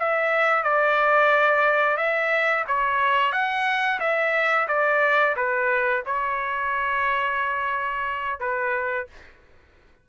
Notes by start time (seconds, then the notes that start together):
0.00 E5
0.64 D5
1.97 E5
2.68 C#5
3.32 F#5
4.00 E5
4.68 D5
5.36 B4
6.06 C#5
8.40 B4